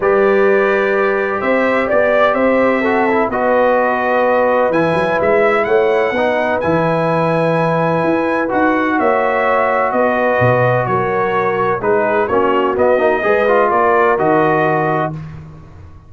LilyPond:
<<
  \new Staff \with { instrumentName = "trumpet" } { \time 4/4 \tempo 4 = 127 d''2. e''4 | d''4 e''2 dis''4~ | dis''2 gis''4 e''4 | fis''2 gis''2~ |
gis''2 fis''4 e''4~ | e''4 dis''2 cis''4~ | cis''4 b'4 cis''4 dis''4~ | dis''4 d''4 dis''2 | }
  \new Staff \with { instrumentName = "horn" } { \time 4/4 b'2. c''4 | d''4 c''4 a'4 b'4~ | b'1 | cis''4 b'2.~ |
b'2. cis''4~ | cis''4 b'2 ais'4~ | ais'4 gis'4 fis'2 | b'4 ais'2. | }
  \new Staff \with { instrumentName = "trombone" } { \time 4/4 g'1~ | g'2 fis'8 e'8 fis'4~ | fis'2 e'2~ | e'4 dis'4 e'2~ |
e'2 fis'2~ | fis'1~ | fis'4 dis'4 cis'4 b8 dis'8 | gis'8 f'4. fis'2 | }
  \new Staff \with { instrumentName = "tuba" } { \time 4/4 g2. c'4 | b4 c'2 b4~ | b2 e8 fis8 gis4 | a4 b4 e2~ |
e4 e'4 dis'4 ais4~ | ais4 b4 b,4 fis4~ | fis4 gis4 ais4 b8 ais8 | gis4 ais4 dis2 | }
>>